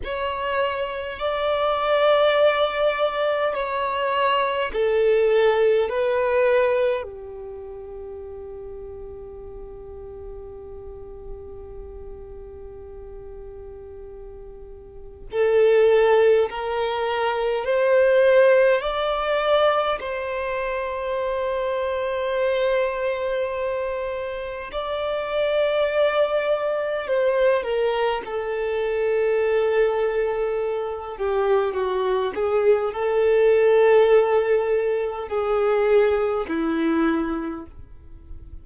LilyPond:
\new Staff \with { instrumentName = "violin" } { \time 4/4 \tempo 4 = 51 cis''4 d''2 cis''4 | a'4 b'4 g'2~ | g'1~ | g'4 a'4 ais'4 c''4 |
d''4 c''2.~ | c''4 d''2 c''8 ais'8 | a'2~ a'8 g'8 fis'8 gis'8 | a'2 gis'4 e'4 | }